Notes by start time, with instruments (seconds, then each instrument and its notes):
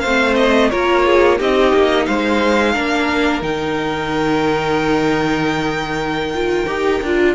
0.00 cello A3, violin C5 F5
0.06 viola C4
0.36 violin D#5
0.71 cello A#3, viola F4, violin A#4 C#5
1.06 violin G#4
1.38 cello C4, viola D#4, violin G4 D#5
1.73 cello A#3
2.06 cello G#3, violin C5 F5
2.73 cello A#3, viola D4, violin A#4
3.42 cello D#3, viola D#4, violin G5
6.35 viola F4
6.67 cello D#4, viola G4
7.03 cello D4, viola F4